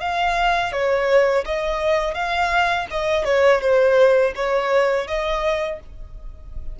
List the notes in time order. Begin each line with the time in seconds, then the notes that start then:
0.00 F5
0.72 C#5
1.45 D#5
2.14 F5
2.90 D#5
3.24 C#5
3.61 C5
4.35 C#5
5.07 D#5